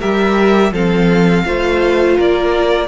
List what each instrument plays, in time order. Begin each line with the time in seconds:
0.00 cello G3, viola G4, violin A#4 E5
0.72 cello F3, viola C4, violin A4 F5
1.46 cello A3, viola F4, violin C5
2.17 cello A#3, violin A#4 D5